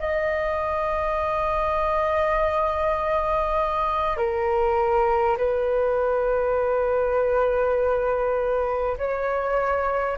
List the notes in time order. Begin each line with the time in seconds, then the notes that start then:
0.00 D#5
4.17 A#4
5.38 B4
8.98 C#5